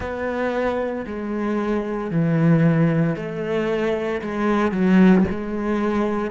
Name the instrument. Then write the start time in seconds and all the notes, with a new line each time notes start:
cello
0.00 B3
1.06 G#3
2.11 E3
3.16 A3
4.21 G#3
4.71 F#3
5.30 G#3